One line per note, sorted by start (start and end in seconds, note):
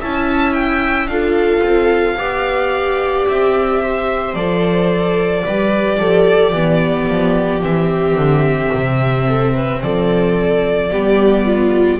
0.00 1.07 C#4
0.00 1.10 E4
0.00 1.09 E5
0.00 0.53 A5
0.53 1.07 G5
1.07 1.61 D4
1.07 2.18 F4
1.07 2.18 A4
1.07 3.26 F5
1.62 2.17 C4
2.17 3.26 B3
2.17 4.36 G4
2.17 3.81 D5
3.28 4.34 C4
3.28 4.35 E5
3.83 5.44 C5
4.34 5.43 F3
4.34 5.45 A4
4.34 7.62 D5
5.44 6.00 G3
5.44 6.55 G4
5.44 5.98 B4
6.00 6.52 F3
6.00 6.53 A4
6.52 7.07 E3
6.52 7.62 B3
6.52 9.26 G4
7.08 7.63 F3
7.62 8.15 E3
7.62 10.89 C4
7.62 9.82 E5
8.15 8.70 D3
8.74 9.83 C3
9.27 9.54 A4
9.54 9.81 B4
9.83 10.92 F3
9.83 10.91 A4
9.83 12.00 D5
10.91 12.00 G3
10.91 12.00 B3
10.91 11.45 G4
11.45 12.00 F4